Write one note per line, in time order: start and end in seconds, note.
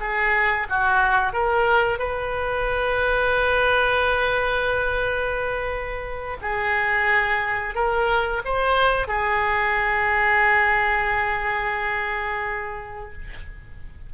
0.00 0.67 G#4
0.69 1.33 F#4
1.33 1.99 A#4
1.99 6.37 B4
6.41 7.75 G#4
7.75 8.42 A#4
8.45 9.07 C5
9.07 13.12 G#4